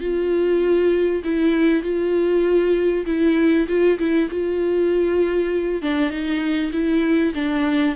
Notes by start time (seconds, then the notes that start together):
0.00 F4
1.24 E4
1.83 F4
3.06 E4
3.68 F4
3.99 E4
4.30 F4
5.82 D4
6.10 D#4
6.72 E4
7.34 D4